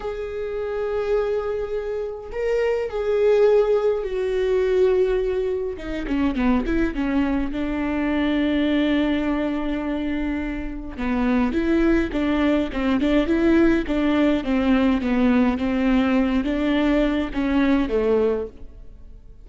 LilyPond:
\new Staff \with { instrumentName = "viola" } { \time 4/4 \tempo 4 = 104 gis'1 | ais'4 gis'2 fis'4~ | fis'2 dis'8 cis'8 b8 e'8 | cis'4 d'2.~ |
d'2. b4 | e'4 d'4 c'8 d'8 e'4 | d'4 c'4 b4 c'4~ | c'8 d'4. cis'4 a4 | }